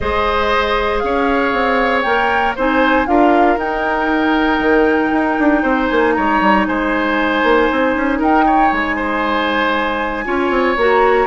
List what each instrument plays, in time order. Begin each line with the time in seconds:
0.00 bassoon G#3, clarinet G#4, oboe C5, flute D#5
0.99 bassoon C#4, oboe C#5, flute F5
1.53 bassoon C4
2.01 bassoon A#3, clarinet A#4, flute G5
2.55 bassoon C4, clarinet D#4, oboe C5, flute G#5
3.06 bassoon D4, clarinet F4, oboe A#4, flute F5
3.56 bassoon D#4, clarinet D#4, flute G5
4.59 bassoon D#3
5.12 bassoon D#4
5.39 bassoon D4
5.62 bassoon C4, oboe C5
5.87 bassoon A#3, flute G#5
6.13 bassoon G#3, oboe C#5, flute A#5
6.40 bassoon G3
6.66 bassoon G#3, oboe C5, flute G#5
7.43 bassoon A#3
7.71 bassoon C4
7.95 bassoon C#4
8.18 bassoon D#4, oboe A#4, flute G5
8.46 oboe C#5
8.72 bassoon G#3, flute G#5
8.96 oboe C5
10.25 bassoon C#4, clarinet F4, oboe C#5
10.50 bassoon C4
10.76 bassoon A#3, clarinet F#4, flute A#5